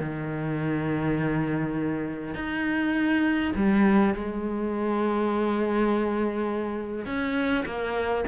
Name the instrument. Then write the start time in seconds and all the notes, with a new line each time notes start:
cello
0.00 D#3
2.35 D#4
3.56 G3
4.15 G#3
7.06 C#4
7.66 A#3